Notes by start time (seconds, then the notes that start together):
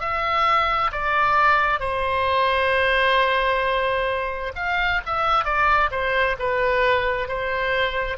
0.00 E5
0.92 D5
1.80 C5
4.55 F5
5.06 E5
5.45 D5
5.91 C5
6.39 B4
7.28 C5